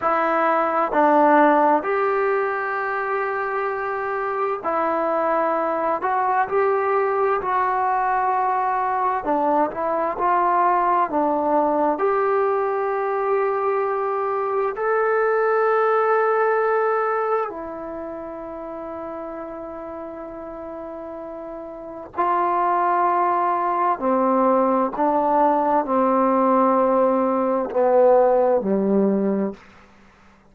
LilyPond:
\new Staff \with { instrumentName = "trombone" } { \time 4/4 \tempo 4 = 65 e'4 d'4 g'2~ | g'4 e'4. fis'8 g'4 | fis'2 d'8 e'8 f'4 | d'4 g'2. |
a'2. e'4~ | e'1 | f'2 c'4 d'4 | c'2 b4 g4 | }